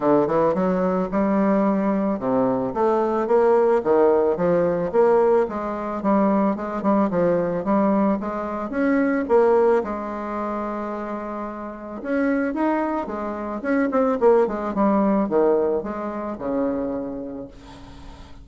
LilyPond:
\new Staff \with { instrumentName = "bassoon" } { \time 4/4 \tempo 4 = 110 d8 e8 fis4 g2 | c4 a4 ais4 dis4 | f4 ais4 gis4 g4 | gis8 g8 f4 g4 gis4 |
cis'4 ais4 gis2~ | gis2 cis'4 dis'4 | gis4 cis'8 c'8 ais8 gis8 g4 | dis4 gis4 cis2 | }